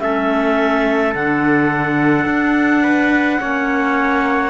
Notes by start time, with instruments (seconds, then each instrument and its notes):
0.00 cello A3, clarinet C#4 E5, trumpet A4
1.14 cello D3, clarinet D4 F#5
2.26 cello D4
2.83 trumpet B4
3.40 cello A#3, clarinet C#4, trumpet C#5